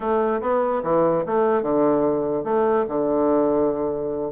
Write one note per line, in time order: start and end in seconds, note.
0.00 0.40 A3
0.41 0.82 B3
0.83 1.24 E3
1.26 1.62 A3
1.62 2.44 D3
2.44 2.85 A3
2.88 4.32 D3